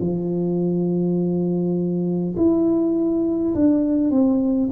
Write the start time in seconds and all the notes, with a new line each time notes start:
0.00 F3
2.37 E4
3.55 D4
4.11 C4